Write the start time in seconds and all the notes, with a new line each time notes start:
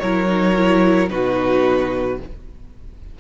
0.00 F#3 E4 A#4 C#5
0.28 D#4
0.56 E4
1.10 B2 D#4 F#4 B4